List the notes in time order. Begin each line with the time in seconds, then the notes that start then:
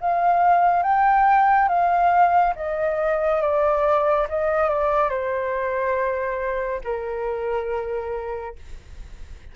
0.00 F5
0.82 G5
1.68 F5
2.55 D#5
3.41 D5
4.29 D#5
4.69 D5
5.09 C5
6.83 A#4